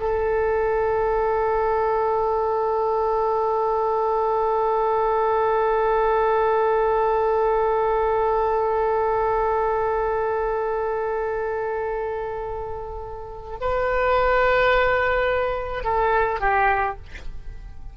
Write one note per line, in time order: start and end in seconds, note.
0.00 13.58 A4
13.61 15.84 B4
15.84 16.40 A4
16.40 16.97 G4